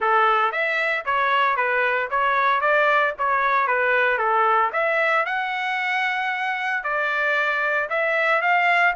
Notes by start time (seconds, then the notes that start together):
0.00 A4
0.51 E5
1.05 C#5
1.56 B4
2.10 C#5
2.61 D5
3.18 C#5
3.67 B4
4.18 A4
4.72 E5
5.25 F#5
6.83 D5
7.89 E5
8.41 F5